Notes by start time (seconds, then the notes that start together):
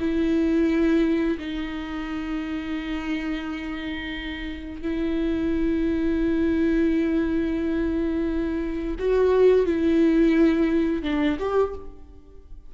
0.00 E4
1.39 D#4
4.82 E4
8.99 F#4
9.66 E4
11.03 D4
11.39 G4